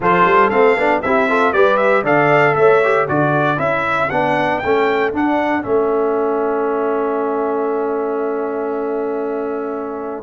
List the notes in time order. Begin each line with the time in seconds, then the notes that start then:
0.00 F3 F4 A4 C5
0.25 G3
0.49 A3 C4 F5
0.76 B3 D4
1.01 C4 E4 G4 E5
1.28 F4 A4
1.52 G3 G4 B4 D5
1.76 E5
2.03 D3 A4 D5 F5
2.55 A3 C#5 E5
2.84 G4
3.08 D3 F#4 A4 D5
3.57 C#4 E4 E5
4.10 B3 D4 F#5
4.59 A3 C#4 G5
5.12 D4 F#5
5.62 A3 C#4 E5